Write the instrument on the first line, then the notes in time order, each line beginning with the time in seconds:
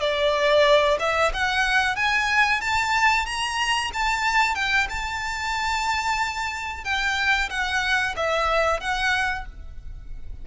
violin
0.00 D5
0.99 E5
1.33 F#5
1.96 G#5
2.61 A5
3.26 A#5
3.93 A5
4.55 G5
4.89 A5
6.84 G5
7.50 F#5
8.16 E5
8.80 F#5